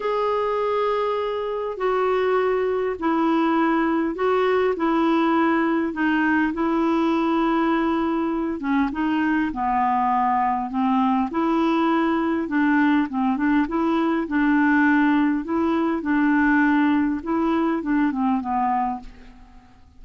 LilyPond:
\new Staff \with { instrumentName = "clarinet" } { \time 4/4 \tempo 4 = 101 gis'2. fis'4~ | fis'4 e'2 fis'4 | e'2 dis'4 e'4~ | e'2~ e'8 cis'8 dis'4 |
b2 c'4 e'4~ | e'4 d'4 c'8 d'8 e'4 | d'2 e'4 d'4~ | d'4 e'4 d'8 c'8 b4 | }